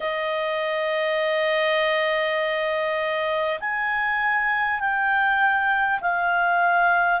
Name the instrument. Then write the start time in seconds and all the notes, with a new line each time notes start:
clarinet
0.00 D#5
3.60 G#5
4.80 G5
6.00 F5